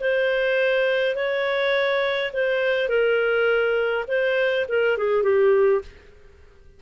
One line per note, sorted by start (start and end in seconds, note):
0.00 1.15 C5
1.15 2.31 C#5
2.32 2.88 C5
2.88 4.05 A#4
4.08 4.66 C5
4.68 4.97 A#4
4.97 5.23 G#4
5.23 5.81 G4